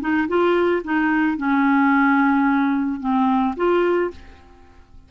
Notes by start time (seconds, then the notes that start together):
0.00 D#4
0.28 F4
0.84 D#4
1.37 C#4
3.00 C4
3.56 F4